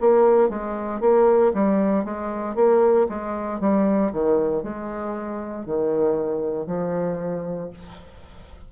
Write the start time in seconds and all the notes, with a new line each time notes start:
0.00 A#3
0.49 G#3
1.00 A#3
1.53 G3
2.04 G#3
2.55 A#3
3.08 G#3
3.60 G3
4.12 D#3
4.63 G#3
5.66 D#3
6.66 F3